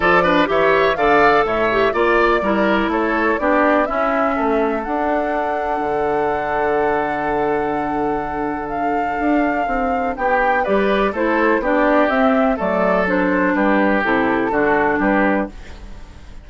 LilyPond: <<
  \new Staff \with { instrumentName = "flute" } { \time 4/4 \tempo 4 = 124 d''4 e''4 f''4 e''4 | d''2 cis''4 d''4 | e''2 fis''2~ | fis''1~ |
fis''2 f''2~ | f''4 g''4 d''4 c''4 | d''4 e''4 d''4 c''4 | b'4 a'2 b'4 | }
  \new Staff \with { instrumentName = "oboe" } { \time 4/4 a'8 b'8 cis''4 d''4 cis''4 | d''4 ais'4 a'4 g'4 | e'4 a'2.~ | a'1~ |
a'1~ | a'4 g'4 b'4 a'4 | g'2 a'2 | g'2 fis'4 g'4 | }
  \new Staff \with { instrumentName = "clarinet" } { \time 4/4 f'8 d'8 g'4 a'4. g'8 | f'4 e'2 d'4 | cis'2 d'2~ | d'1~ |
d'1~ | d'2 g'4 e'4 | d'4 c'4 a4 d'4~ | d'4 e'4 d'2 | }
  \new Staff \with { instrumentName = "bassoon" } { \time 4/4 f4 e4 d4 a,4 | ais4 g4 a4 b4 | cis'4 a4 d'2 | d1~ |
d2. d'4 | c'4 b4 g4 a4 | b4 c'4 fis2 | g4 c4 d4 g4 | }
>>